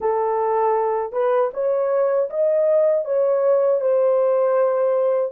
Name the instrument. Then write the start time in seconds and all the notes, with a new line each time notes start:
horn
0.00 A4
1.12 B4
1.53 C#5
2.30 D#5
3.04 C#5
3.80 C5